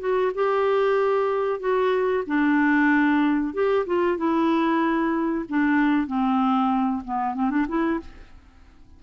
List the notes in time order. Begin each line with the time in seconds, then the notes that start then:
0.00 F#4
0.35 G4
1.60 F#4
2.27 D4
3.54 G4
3.87 F4
4.18 E4
5.50 D4
6.07 C4
7.05 B3
7.35 C4
7.51 D4
7.68 E4